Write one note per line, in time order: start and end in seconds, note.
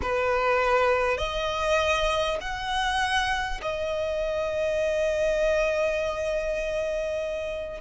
0.02 1.17 B4
1.17 2.37 D#5
2.41 3.61 F#5
3.62 7.81 D#5